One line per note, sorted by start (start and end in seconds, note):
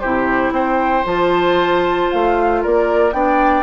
0.00 0.51 C3
0.00 1.05 E4
0.00 0.53 G4
0.00 0.52 C5
0.51 1.03 C4
0.51 2.62 C5
0.51 1.05 G5
1.05 2.10 F3
1.05 3.12 F4
1.05 2.11 A5
2.11 2.65 A3
2.11 2.63 F5
2.62 3.13 A#3
2.62 3.14 A#4
2.62 3.12 D5
3.12 3.63 B3
3.12 3.63 D4
3.12 3.63 D5
3.12 3.63 G5